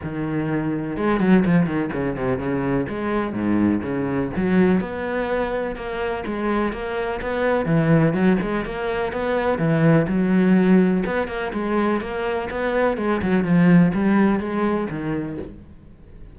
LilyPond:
\new Staff \with { instrumentName = "cello" } { \time 4/4 \tempo 4 = 125 dis2 gis8 fis8 f8 dis8 | cis8 c8 cis4 gis4 gis,4 | cis4 fis4 b2 | ais4 gis4 ais4 b4 |
e4 fis8 gis8 ais4 b4 | e4 fis2 b8 ais8 | gis4 ais4 b4 gis8 fis8 | f4 g4 gis4 dis4 | }